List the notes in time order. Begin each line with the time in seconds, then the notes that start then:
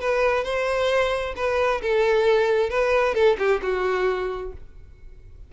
0.00 B4
0.44 C5
1.36 B4
1.81 A4
2.69 B4
3.14 A4
3.38 G4
3.62 F#4